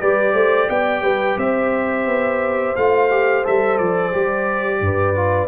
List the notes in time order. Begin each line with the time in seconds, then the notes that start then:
0.00 G3 G4 B4 D5
0.34 A3 C5
0.70 B3 D5 G5
1.02 G3 B4
1.37 C4 C5 E5
2.06 B3
2.76 A3 F4 F5
3.11 G4
3.45 G3 A4 E5
3.78 F3 D5
4.13 G3 G4
4.81 G2 B4
5.16 F4